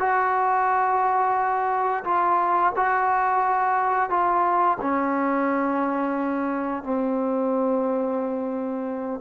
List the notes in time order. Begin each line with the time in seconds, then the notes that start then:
0.00 F#4
2.05 F4
2.77 F#4
4.10 F4
4.81 C#4
6.84 C4